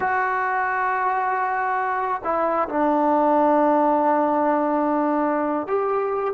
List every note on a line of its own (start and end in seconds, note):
0.00 2.21 F#4
2.23 2.68 E4
2.68 5.67 D4
5.67 6.33 G4